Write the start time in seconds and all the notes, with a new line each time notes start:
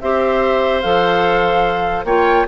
0.00 C4 G4 C5 E5
0.81 F3 A4 F5
2.04 A#3 F4 C#5 G5